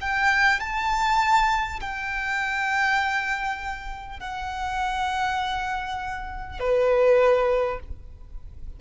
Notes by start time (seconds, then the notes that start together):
0.00 G5
0.59 A5
1.80 G5
4.19 F#5
6.59 B4